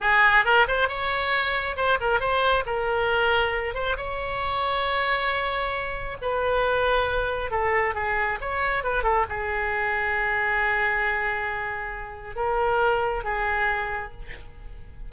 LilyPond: \new Staff \with { instrumentName = "oboe" } { \time 4/4 \tempo 4 = 136 gis'4 ais'8 c''8 cis''2 | c''8 ais'8 c''4 ais'2~ | ais'8 c''8 cis''2.~ | cis''2 b'2~ |
b'4 a'4 gis'4 cis''4 | b'8 a'8 gis'2.~ | gis'1 | ais'2 gis'2 | }